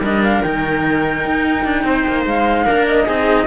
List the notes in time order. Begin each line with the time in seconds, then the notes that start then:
0.00 G3 D4 A#4 D#5
0.24 F5
0.43 D#3 D#4 G5
1.25 D#4
1.64 D4
1.84 C4 C5
2.08 A#3
2.26 G#3 F5
2.65 A#3 D4 A#4
2.88 D#5
3.05 C4 D#4 G#4